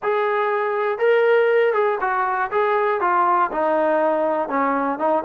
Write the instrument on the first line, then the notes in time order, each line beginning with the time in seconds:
trombone
0.02 G#4
0.98 A#4
1.73 G#4
2.00 F#4
2.51 G#4
3.00 F4
3.51 D#4
4.48 C#4
4.98 D#4